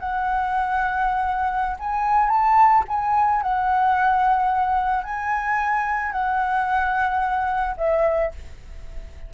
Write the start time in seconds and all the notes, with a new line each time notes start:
0.00 F#5
1.80 G#5
2.30 A5
2.88 G#5
3.43 F#5
5.04 G#5
6.13 F#5
7.78 E5